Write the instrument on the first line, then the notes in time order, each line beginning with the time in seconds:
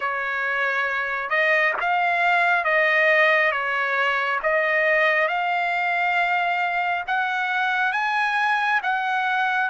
trumpet
0.00 C#5
1.29 D#5
1.80 F5
2.64 D#5
3.51 C#5
4.42 D#5
5.27 F5
7.07 F#5
7.92 G#5
8.82 F#5